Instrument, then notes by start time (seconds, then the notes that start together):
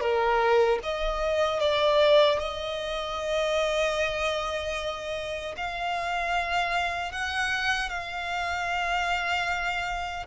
violin
0.00 A#4
0.83 D#5
1.60 D5
2.39 D#5
5.57 F5
7.12 F#5
7.89 F5